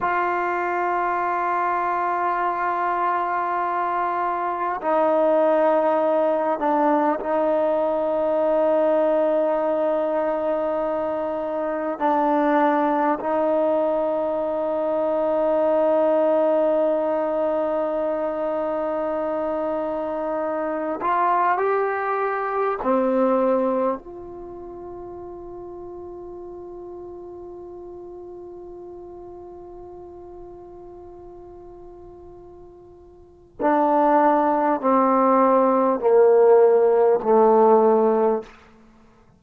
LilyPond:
\new Staff \with { instrumentName = "trombone" } { \time 4/4 \tempo 4 = 50 f'1 | dis'4. d'8 dis'2~ | dis'2 d'4 dis'4~ | dis'1~ |
dis'4. f'8 g'4 c'4 | f'1~ | f'1 | d'4 c'4 ais4 a4 | }